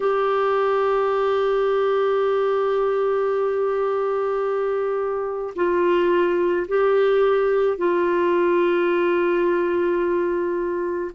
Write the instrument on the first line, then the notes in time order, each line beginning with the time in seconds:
clarinet
0.00 G4
5.55 F4
6.68 G4
7.77 F4